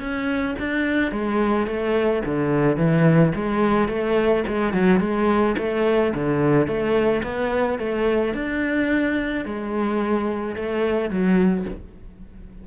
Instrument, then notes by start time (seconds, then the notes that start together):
cello
0.00 C#4
0.60 D4
1.12 G#3
1.67 A3
2.26 D3
2.77 E3
3.35 G#3
3.89 A3
4.48 G#3
4.73 F#3
5.00 G#3
5.58 A3
6.14 D3
6.67 A3
7.23 B3
7.79 A3
8.34 D4
9.45 G#3
10.56 A3
11.10 F#3